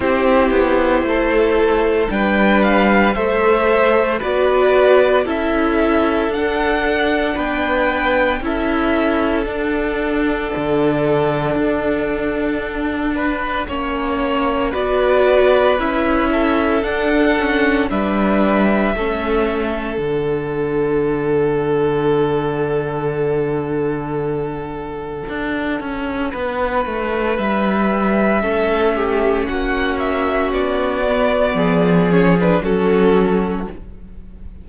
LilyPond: <<
  \new Staff \with { instrumentName = "violin" } { \time 4/4 \tempo 4 = 57 c''2 g''8 f''8 e''4 | d''4 e''4 fis''4 g''4 | e''4 fis''2.~ | fis''2 d''4 e''4 |
fis''4 e''2 fis''4~ | fis''1~ | fis''2 e''2 | fis''8 e''8 d''4. cis''16 b'16 a'4 | }
  \new Staff \with { instrumentName = "violin" } { \time 4/4 g'4 a'4 b'4 c''4 | b'4 a'2 b'4 | a'1~ | a'8 b'8 cis''4 b'4. a'8~ |
a'4 b'4 a'2~ | a'1~ | a'4 b'2 a'8 g'8 | fis'2 gis'4 fis'4 | }
  \new Staff \with { instrumentName = "viola" } { \time 4/4 e'2 d'4 a'4 | fis'4 e'4 d'2 | e'4 d'2.~ | d'4 cis'4 fis'4 e'4 |
d'8 cis'8 d'4 cis'4 d'4~ | d'1~ | d'2. cis'4~ | cis'4. b4 cis'16 d'16 cis'4 | }
  \new Staff \with { instrumentName = "cello" } { \time 4/4 c'8 b8 a4 g4 a4 | b4 cis'4 d'4 b4 | cis'4 d'4 d4 d'4~ | d'4 ais4 b4 cis'4 |
d'4 g4 a4 d4~ | d1 | d'8 cis'8 b8 a8 g4 a4 | ais4 b4 f4 fis4 | }
>>